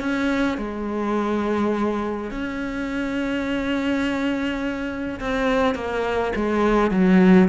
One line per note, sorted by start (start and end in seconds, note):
0.00 0.58 C#4
0.58 2.31 G#3
2.31 5.19 C#4
5.20 5.75 C4
5.75 6.33 A#3
6.36 6.91 G#3
6.91 7.48 F#3